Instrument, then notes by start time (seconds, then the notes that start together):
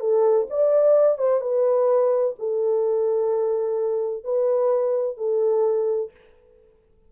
horn
0.00 A4
0.50 D5
1.18 C5
1.41 B4
2.39 A4
4.24 B4
5.17 A4